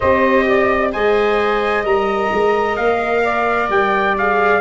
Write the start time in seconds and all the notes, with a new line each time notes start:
0.00 C4 G4 C5 D#5
0.47 D5
0.92 G#3 C5 D#5 G#5
1.83 G3 A#4 A#5
2.32 G#3
2.76 A#3 F5
3.23 D5
3.69 G3 G5
4.17 G#4 F5